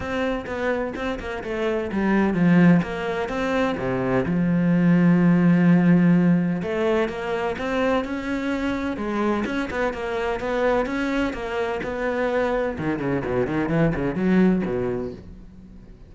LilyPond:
\new Staff \with { instrumentName = "cello" } { \time 4/4 \tempo 4 = 127 c'4 b4 c'8 ais8 a4 | g4 f4 ais4 c'4 | c4 f2.~ | f2 a4 ais4 |
c'4 cis'2 gis4 | cis'8 b8 ais4 b4 cis'4 | ais4 b2 dis8 cis8 | b,8 dis8 e8 cis8 fis4 b,4 | }